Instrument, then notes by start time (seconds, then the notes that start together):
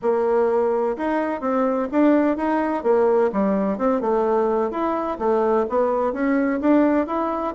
bassoon
0.02 A#3
0.97 D#4
1.40 C4
1.91 D4
2.36 D#4
2.83 A#3
3.32 G3
3.78 C4
4.01 A3
4.71 E4
5.18 A3
5.69 B3
6.12 C#4
6.60 D4
7.07 E4